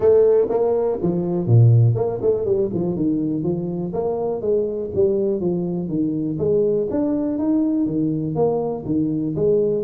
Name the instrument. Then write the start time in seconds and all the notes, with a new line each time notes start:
tuba
0.00 A3
0.49 A#3
1.01 F3
1.46 A#2
1.95 A#3
2.21 A3
2.45 G3
2.73 F3
2.96 D#3
3.43 F3
3.93 A#3
4.41 G#3
4.94 G3
5.40 F3
5.88 D#3
6.38 G#3
6.90 D4
7.38 D#4
7.86 D#3
8.35 A#3
8.85 D#3
9.35 G#3